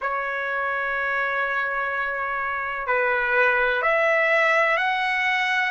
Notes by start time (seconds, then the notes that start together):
0.01 C#5
2.87 B4
3.81 E5
4.77 F#5